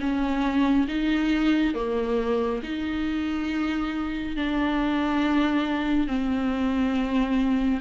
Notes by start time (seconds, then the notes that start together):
0.00 C#4
0.88 D#4
1.74 A#3
2.63 D#4
4.36 D4
6.07 C4